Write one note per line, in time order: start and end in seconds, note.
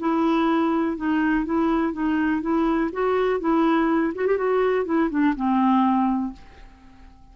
0.00 0.97 E4
0.97 1.45 D#4
1.45 1.93 E4
1.93 2.42 D#4
2.42 2.91 E4
2.93 3.40 F#4
3.40 4.13 E4
4.15 4.27 F#4
4.27 4.38 G4
4.38 4.86 F#4
4.86 5.10 E4
5.11 5.35 D4
5.36 6.33 C4